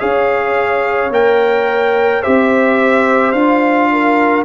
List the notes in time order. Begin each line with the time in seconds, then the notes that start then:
0.00 C#4 G#4 C#5 F5
1.10 A#3 A#4 G5
2.22 C4 G4 C5 E5
3.32 D4 F4 F5
3.93 A#4